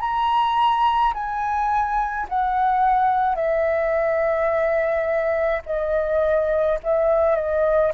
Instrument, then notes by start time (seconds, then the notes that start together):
flute
0.00 A#5
1.13 G#5
2.29 F#5
3.35 E5
5.66 D#5
6.83 E5
7.35 D#5